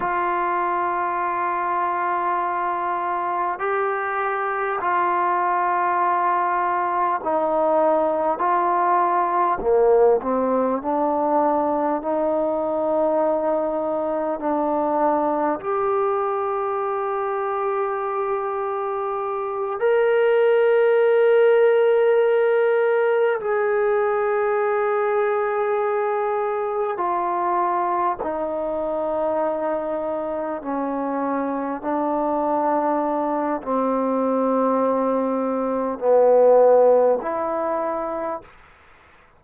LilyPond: \new Staff \with { instrumentName = "trombone" } { \time 4/4 \tempo 4 = 50 f'2. g'4 | f'2 dis'4 f'4 | ais8 c'8 d'4 dis'2 | d'4 g'2.~ |
g'8 ais'2. gis'8~ | gis'2~ gis'8 f'4 dis'8~ | dis'4. cis'4 d'4. | c'2 b4 e'4 | }